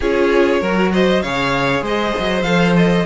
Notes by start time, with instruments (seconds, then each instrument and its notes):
0.00 cello C#4, viola F4, violin G#4 C#5
0.61 cello F#3, viola F#4, violin A#4
0.92 violin C5 D#5
1.22 cello C#3, viola G#4, violin C#5 F5
1.81 cello G#3, violin C5 D#5
2.18 cello F#3
2.42 cello F3, viola A4, violin F5
2.76 violin D#5